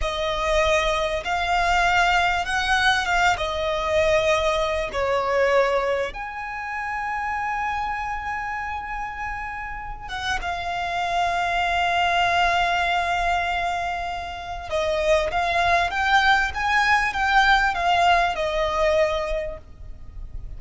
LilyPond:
\new Staff \with { instrumentName = "violin" } { \time 4/4 \tempo 4 = 98 dis''2 f''2 | fis''4 f''8 dis''2~ dis''8 | cis''2 gis''2~ | gis''1~ |
gis''8 fis''8 f''2.~ | f''1 | dis''4 f''4 g''4 gis''4 | g''4 f''4 dis''2 | }